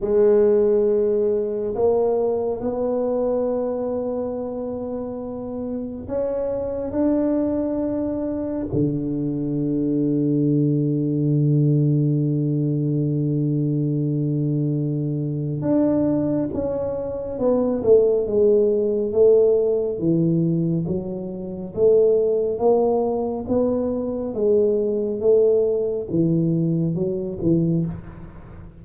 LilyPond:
\new Staff \with { instrumentName = "tuba" } { \time 4/4 \tempo 4 = 69 gis2 ais4 b4~ | b2. cis'4 | d'2 d2~ | d1~ |
d2 d'4 cis'4 | b8 a8 gis4 a4 e4 | fis4 a4 ais4 b4 | gis4 a4 e4 fis8 e8 | }